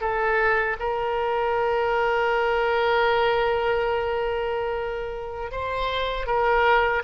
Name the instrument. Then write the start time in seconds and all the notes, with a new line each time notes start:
oboe
0.00 A4
0.79 A#4
5.51 C5
6.26 A#4